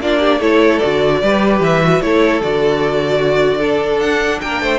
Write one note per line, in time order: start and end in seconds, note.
0.00 0.39 A#3
0.00 0.40 D4
0.00 0.19 F4
0.00 0.41 D5
0.19 0.39 G4
0.39 0.79 A3
0.39 0.80 E4
0.39 1.19 A4
0.39 0.78 C#5
0.78 1.22 D3
0.78 1.21 F#4
0.78 1.58 D5
1.22 1.60 G3
1.22 1.82 G4
1.22 2.02 B4
1.60 2.00 E3
1.60 2.01 E5
1.82 2.01 F#4
2.01 2.41 A3
2.01 2.41 E4
2.01 3.19 A4
2.01 2.41 C#5
2.41 4.01 D3
2.41 3.59 F#4
2.41 4.00 D5
3.19 3.58 F#4
3.58 4.79 D4
3.58 4.38 A4
4.00 4.41 D4
4.00 4.40 F#5
4.41 4.61 A#3
4.41 4.62 A#4
4.41 4.79 G5
4.61 4.79 A3
4.61 4.79 C5